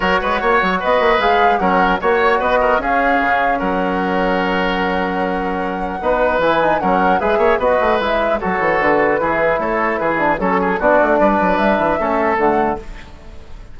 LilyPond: <<
  \new Staff \with { instrumentName = "flute" } { \time 4/4 \tempo 4 = 150 cis''2 dis''4 f''4 | fis''4 cis''4 dis''4 f''4~ | f''4 fis''2.~ | fis''1 |
gis''4 fis''4 e''4 dis''4 | e''4 cis''4 b'2 | cis''4 b'4 a'4 d''4~ | d''4 e''2 fis''4 | }
  \new Staff \with { instrumentName = "oboe" } { \time 4/4 ais'8 b'8 cis''4 b'2 | ais'4 cis''4 b'8 ais'8 gis'4~ | gis'4 ais'2.~ | ais'2. b'4~ |
b'4 ais'4 b'8 cis''8 b'4~ | b'4 a'2 gis'4 | a'4 gis'4 a'8 gis'8 fis'4 | b'2 a'2 | }
  \new Staff \with { instrumentName = "trombone" } { \time 4/4 fis'2. gis'4 | cis'4 fis'2 cis'4~ | cis'1~ | cis'2. dis'4 |
e'8 dis'8 cis'4 gis'4 fis'4 | e'4 fis'2 e'4~ | e'4. d'8 cis'4 d'4~ | d'2 cis'4 a4 | }
  \new Staff \with { instrumentName = "bassoon" } { \time 4/4 fis8 gis8 ais8 fis8 b8 ais8 gis4 | fis4 ais4 b4 cis'4 | cis4 fis2.~ | fis2. b4 |
e4 fis4 gis8 ais8 b8 a8 | gis4 fis8 e8 d4 e4 | a4 e4 fis4 b8 a8 | g8 fis8 g8 e8 a4 d4 | }
>>